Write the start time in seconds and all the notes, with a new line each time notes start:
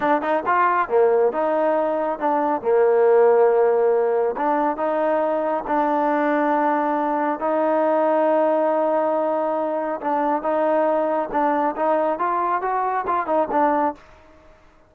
0.00 D4
0.21 D#4
0.46 F4
0.89 A#3
1.32 D#4
2.19 D4
2.61 A#3
4.37 D4
4.76 D#4
5.67 D4
7.39 D#4
10.00 D4
10.42 D#4
11.32 D4
11.76 D#4
12.18 F4
12.61 F#4
13.07 F4
13.26 D#4
13.51 D4